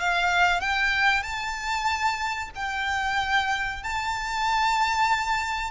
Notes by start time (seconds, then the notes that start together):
0.00 F5
0.60 G5
1.23 A5
2.55 G5
3.83 A5